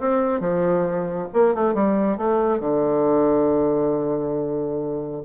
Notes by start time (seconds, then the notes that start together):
0.00 C4
0.41 F3
1.34 A#3
1.55 A3
1.75 G3
2.18 A3
2.60 D3